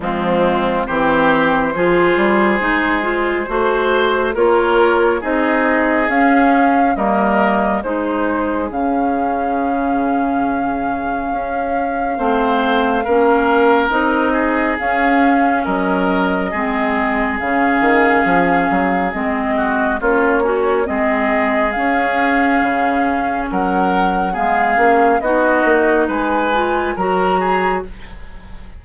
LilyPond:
<<
  \new Staff \with { instrumentName = "flute" } { \time 4/4 \tempo 4 = 69 f'4 c''2.~ | c''4 cis''4 dis''4 f''4 | dis''4 c''4 f''2~ | f''1 |
dis''4 f''4 dis''2 | f''2 dis''4 cis''4 | dis''4 f''2 fis''4 | f''4 dis''4 gis''4 ais''4 | }
  \new Staff \with { instrumentName = "oboe" } { \time 4/4 c'4 g'4 gis'2 | c''4 ais'4 gis'2 | ais'4 gis'2.~ | gis'2 c''4 ais'4~ |
ais'8 gis'4. ais'4 gis'4~ | gis'2~ gis'8 fis'8 f'8 cis'8 | gis'2. ais'4 | gis'4 fis'4 b'4 ais'8 gis'8 | }
  \new Staff \with { instrumentName = "clarinet" } { \time 4/4 gis4 c'4 f'4 dis'8 f'8 | fis'4 f'4 dis'4 cis'4 | ais4 dis'4 cis'2~ | cis'2 c'4 cis'4 |
dis'4 cis'2 c'4 | cis'2 c'4 cis'8 fis'8 | c'4 cis'2. | b8 cis'8 dis'4. f'8 fis'4 | }
  \new Staff \with { instrumentName = "bassoon" } { \time 4/4 f4 e4 f8 g8 gis4 | a4 ais4 c'4 cis'4 | g4 gis4 cis2~ | cis4 cis'4 a4 ais4 |
c'4 cis'4 fis4 gis4 | cis8 dis8 f8 fis8 gis4 ais4 | gis4 cis'4 cis4 fis4 | gis8 ais8 b8 ais8 gis4 fis4 | }
>>